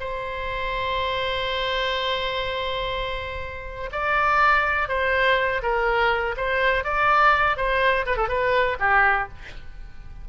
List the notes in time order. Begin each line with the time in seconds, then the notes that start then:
0.00 C5
3.92 D5
4.88 C5
5.62 A#4
6.37 C5
6.84 D5
7.57 C5
8.06 B4
8.17 A4
8.29 B4
8.80 G4